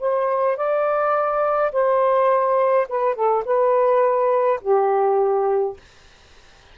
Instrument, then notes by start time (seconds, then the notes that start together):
saxophone
0.00 C5
0.57 D5
1.72 C5
2.88 B4
3.15 A4
3.45 B4
4.62 G4